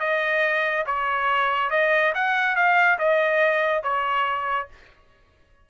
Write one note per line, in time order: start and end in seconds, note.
0.00 0.85 D#5
0.86 1.70 C#5
1.70 2.13 D#5
2.15 2.56 F#5
2.56 2.98 F5
2.99 3.83 D#5
3.83 4.68 C#5